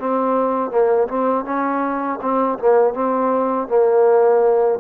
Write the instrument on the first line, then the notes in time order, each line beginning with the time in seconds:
trombone
0.00 C4
0.71 A#3
1.08 C4
1.45 C#4
2.22 C4
2.59 A#3
2.94 C4
3.69 A#3